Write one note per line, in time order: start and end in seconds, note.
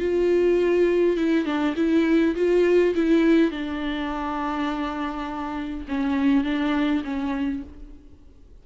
0.00 1.17 F4
1.17 1.45 E4
1.45 1.75 D4
1.76 2.35 E4
2.36 2.94 F4
2.95 3.51 E4
3.51 5.86 D4
5.89 6.44 C#4
6.44 7.03 D4
7.04 7.63 C#4